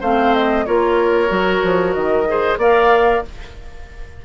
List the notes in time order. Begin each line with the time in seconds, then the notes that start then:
0.00 A3 C4 C5 F5
0.34 D#5
0.66 A#3 F4 A#4 C#5
1.27 F#3 F#4
1.63 F3
1.93 D#3 D#5
2.27 G#4 C5
2.57 A#3 A#4 D5 F5